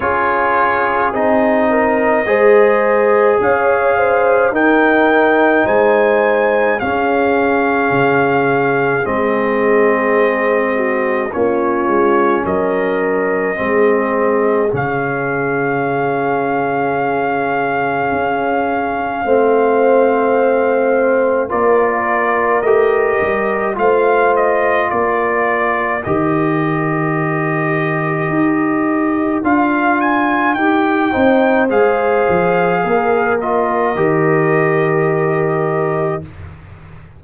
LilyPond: <<
  \new Staff \with { instrumentName = "trumpet" } { \time 4/4 \tempo 4 = 53 cis''4 dis''2 f''4 | g''4 gis''4 f''2 | dis''2 cis''4 dis''4~ | dis''4 f''2.~ |
f''2. d''4 | dis''4 f''8 dis''8 d''4 dis''4~ | dis''2 f''8 gis''8 g''4 | f''4. dis''2~ dis''8 | }
  \new Staff \with { instrumentName = "horn" } { \time 4/4 gis'4. ais'8 c''4 cis''8 c''8 | ais'4 c''4 gis'2~ | gis'4. fis'8 f'4 ais'4 | gis'1~ |
gis'4 c''2 ais'4~ | ais'4 c''4 ais'2~ | ais'2.~ ais'8 c''8~ | c''4 ais'2. | }
  \new Staff \with { instrumentName = "trombone" } { \time 4/4 f'4 dis'4 gis'2 | dis'2 cis'2 | c'2 cis'2 | c'4 cis'2.~ |
cis'4 c'2 f'4 | g'4 f'2 g'4~ | g'2 f'4 g'8 dis'8 | gis'4. f'8 g'2 | }
  \new Staff \with { instrumentName = "tuba" } { \time 4/4 cis'4 c'4 gis4 cis'4 | dis'4 gis4 cis'4 cis4 | gis2 ais8 gis8 fis4 | gis4 cis2. |
cis'4 a2 ais4 | a8 g8 a4 ais4 dis4~ | dis4 dis'4 d'4 dis'8 c'8 | gis8 f8 ais4 dis2 | }
>>